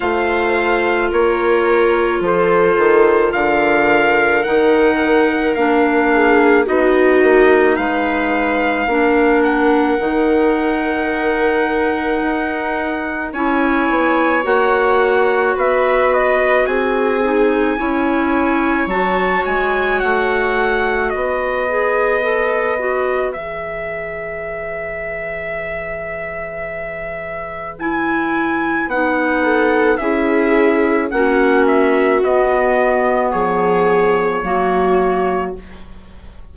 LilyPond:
<<
  \new Staff \with { instrumentName = "trumpet" } { \time 4/4 \tempo 4 = 54 f''4 cis''4 c''4 f''4 | fis''4 f''4 dis''4 f''4~ | f''8 fis''2.~ fis''8 | gis''4 fis''4 e''8 dis''8 gis''4~ |
gis''4 a''8 gis''8 fis''4 dis''4~ | dis''4 e''2.~ | e''4 gis''4 fis''4 e''4 | fis''8 e''8 dis''4 cis''2 | }
  \new Staff \with { instrumentName = "viola" } { \time 4/4 c''4 ais'4 a'4 ais'4~ | ais'4. gis'8 fis'4 b'4 | ais'1 | cis''2 b'4 gis'4 |
cis''2. b'4~ | b'1~ | b'2~ b'8 a'8 gis'4 | fis'2 gis'4 fis'4 | }
  \new Staff \with { instrumentName = "clarinet" } { \time 4/4 f'1 | dis'4 d'4 dis'2 | d'4 dis'2. | e'4 fis'2~ fis'8 dis'8 |
e'4 fis'2~ fis'8 gis'8 | a'8 fis'8 gis'2.~ | gis'4 e'4 dis'4 e'4 | cis'4 b2 ais4 | }
  \new Staff \with { instrumentName = "bassoon" } { \time 4/4 a4 ais4 f8 dis8 d4 | dis4 ais4 b8 ais8 gis4 | ais4 dis2 dis'4 | cis'8 b8 ais4 b4 c'4 |
cis'4 fis8 gis8 a4 b4~ | b4 e2.~ | e2 b4 cis'4 | ais4 b4 f4 fis4 | }
>>